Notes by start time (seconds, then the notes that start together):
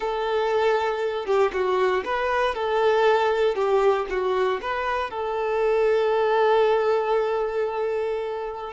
0.00 A4
1.26 G4
1.52 F#4
2.04 B4
2.54 A4
3.55 G4
4.09 F#4
4.61 B4
5.10 A4